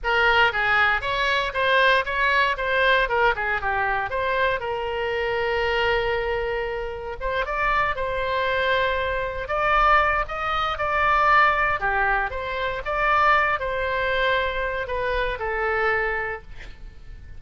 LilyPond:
\new Staff \with { instrumentName = "oboe" } { \time 4/4 \tempo 4 = 117 ais'4 gis'4 cis''4 c''4 | cis''4 c''4 ais'8 gis'8 g'4 | c''4 ais'2.~ | ais'2 c''8 d''4 c''8~ |
c''2~ c''8 d''4. | dis''4 d''2 g'4 | c''4 d''4. c''4.~ | c''4 b'4 a'2 | }